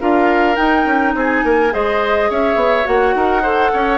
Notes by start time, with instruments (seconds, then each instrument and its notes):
0.00 bassoon D4, clarinet F4, oboe A#4, flute F5
0.55 clarinet D#4, bassoon D#4, flute G5
0.85 bassoon C#4
1.14 bassoon C4, oboe G#4, flute G#5
1.44 bassoon A#3, oboe A#4
1.70 bassoon G#3, clarinet G#4, oboe C5, flute D#5
2.30 bassoon C#4, oboe C#5, flute E5
2.55 bassoon B3
2.84 bassoon A#3, clarinet F#4, flute F#5
3.14 bassoon D#4, oboe A#4
3.42 clarinet A4, oboe C5
3.73 bassoon C#4, oboe C#5